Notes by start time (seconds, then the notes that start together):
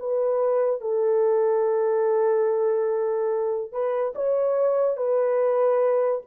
0.00 B4
0.81 A4
3.72 B4
4.16 C#5
4.97 B4